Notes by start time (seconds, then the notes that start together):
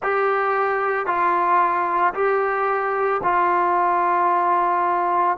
0.02 G4
1.06 F4
2.14 G4
3.23 F4